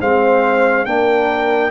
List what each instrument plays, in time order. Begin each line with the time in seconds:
0.00 tuba G#3, trombone C4, horn C5, trumpet F5
0.85 tuba A#3, trombone D4, horn A#4, trumpet G5